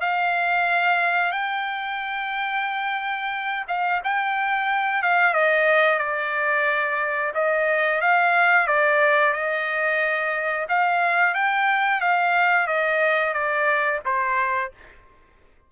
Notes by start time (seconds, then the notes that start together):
0.00 F5
1.32 G5
3.68 F5
4.04 G5
5.02 F5
5.33 D#5
5.99 D5
7.34 D#5
8.01 F5
8.67 D5
9.33 D#5
10.69 F5
11.34 G5
12.01 F5
12.67 D#5
13.33 D5
14.05 C5